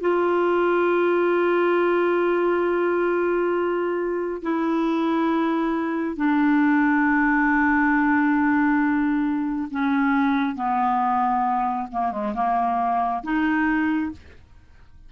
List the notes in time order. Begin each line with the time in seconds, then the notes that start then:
0.00 F4
4.42 E4
6.16 D4
9.71 C#4
10.55 B3
11.92 A#3
12.12 G#3
12.34 A#3
13.23 D#4